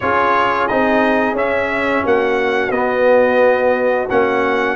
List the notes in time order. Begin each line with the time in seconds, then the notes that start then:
0.00 C#4 F4 G#4 C#5
0.67 C4 D#4 D#5
1.32 C#4 E5
2.04 A#3 F#4 F#5
2.71 B3 D#5
4.09 A#3 C#4 F#5